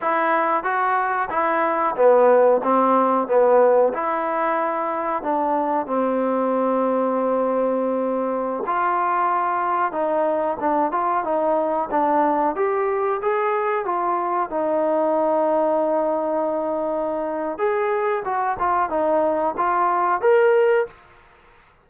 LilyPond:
\new Staff \with { instrumentName = "trombone" } { \time 4/4 \tempo 4 = 92 e'4 fis'4 e'4 b4 | c'4 b4 e'2 | d'4 c'2.~ | c'4~ c'16 f'2 dis'8.~ |
dis'16 d'8 f'8 dis'4 d'4 g'8.~ | g'16 gis'4 f'4 dis'4.~ dis'16~ | dis'2. gis'4 | fis'8 f'8 dis'4 f'4 ais'4 | }